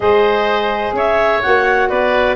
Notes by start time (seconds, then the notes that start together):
0.00 G#3 G#4 C5 D#5
0.92 C#4 C#5 E5
1.42 A#3 F#4 F#5
1.89 B3 B4 D5